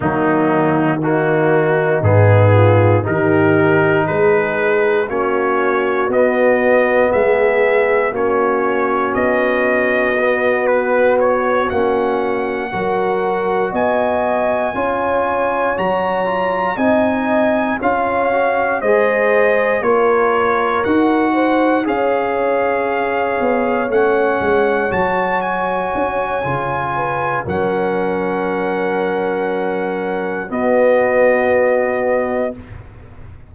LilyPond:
<<
  \new Staff \with { instrumentName = "trumpet" } { \time 4/4 \tempo 4 = 59 dis'4 fis'4 gis'4 ais'4 | b'4 cis''4 dis''4 e''4 | cis''4 dis''4. b'8 cis''8 fis''8~ | fis''4. gis''2 ais''8~ |
ais''8 gis''4 f''4 dis''4 cis''8~ | cis''8 fis''4 f''2 fis''8~ | fis''8 a''8 gis''2 fis''4~ | fis''2 dis''2 | }
  \new Staff \with { instrumentName = "horn" } { \time 4/4 ais4 dis'4. f'8 g'4 | gis'4 fis'2 gis'4 | fis'1~ | fis'8 ais'4 dis''4 cis''4.~ |
cis''8 dis''4 cis''4 c''4 ais'8~ | ais'4 c''8 cis''2~ cis''8~ | cis''2~ cis''8 b'8 ais'4~ | ais'2 fis'2 | }
  \new Staff \with { instrumentName = "trombone" } { \time 4/4 fis4 ais4 b4 dis'4~ | dis'4 cis'4 b2 | cis'2 b4. cis'8~ | cis'8 fis'2 f'4 fis'8 |
f'8 dis'4 f'8 fis'8 gis'4 f'8~ | f'8 fis'4 gis'2 cis'8~ | cis'8 fis'4. f'4 cis'4~ | cis'2 b2 | }
  \new Staff \with { instrumentName = "tuba" } { \time 4/4 dis2 gis,4 dis4 | gis4 ais4 b4 gis4 | ais4 b2~ b8 ais8~ | ais8 fis4 b4 cis'4 fis8~ |
fis8 c'4 cis'4 gis4 ais8~ | ais8 dis'4 cis'4. b8 a8 | gis8 fis4 cis'8 cis4 fis4~ | fis2 b2 | }
>>